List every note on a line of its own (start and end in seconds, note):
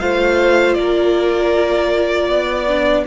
0.00 0.76 A3
0.00 2.68 F4
0.00 0.78 C5
0.00 0.74 F5
0.74 2.29 A#3
0.74 2.28 A#4
0.74 3.05 D5
2.28 3.05 B3
2.28 3.05 D5
2.68 3.07 D4